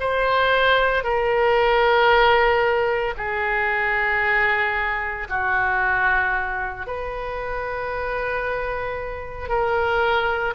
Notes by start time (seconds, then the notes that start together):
0.00 C5
1.03 A#4
3.17 G#4
5.29 F#4
6.87 B4
9.48 A#4